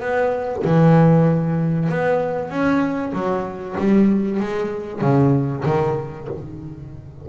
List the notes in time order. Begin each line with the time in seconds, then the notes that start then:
0.00 B3
0.64 E3
1.89 B3
2.50 C#4
3.13 F#3
3.78 G3
4.39 G#3
5.01 C#3
5.65 D#3